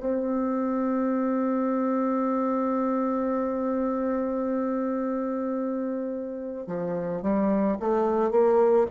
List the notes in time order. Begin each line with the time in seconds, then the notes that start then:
0.00 C4
6.67 F3
7.22 G3
7.79 A3
8.31 A#3